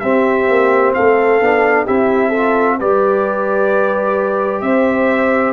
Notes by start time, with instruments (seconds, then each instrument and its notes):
0.00 tuba C4, trombone C4, horn G4, trumpet E5
0.48 tuba A#3
0.94 tuba A3, horn A4, trumpet F5
1.41 tuba B3, trombone D4
1.86 tuba C4, trombone E4, horn G4, trumpet E5
2.29 trombone F4, horn A4
2.80 tuba G3, trombone G4, horn B4, trumpet D5
4.62 tuba C4, horn C5, trumpet E5